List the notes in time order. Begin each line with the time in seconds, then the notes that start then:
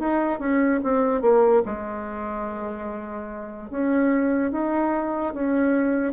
0.00 D#4
0.40 C#4
0.84 C4
1.22 A#3
1.66 G#3
3.70 C#4
4.52 D#4
5.34 C#4